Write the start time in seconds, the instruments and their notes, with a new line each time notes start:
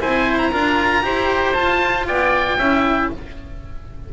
0.00 double bass C4, cello E4, oboe C5 G#5
0.38 oboe A#5
0.52 double bass D4, cello F4, oboe A#4
1.03 double bass E4, cello G4, oboe C5
1.54 cello F4, double bass F4, oboe A5
2.07 double bass B3, oboe D5 G5
2.58 double bass C#4, cello E4, oboe E5